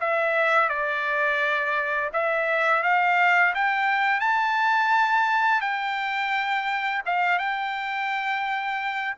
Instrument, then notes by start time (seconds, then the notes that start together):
trumpet
0.00 E5
0.69 D5
2.13 E5
2.83 F5
3.55 G5
4.20 A5
5.61 G5
7.05 F5
7.38 G5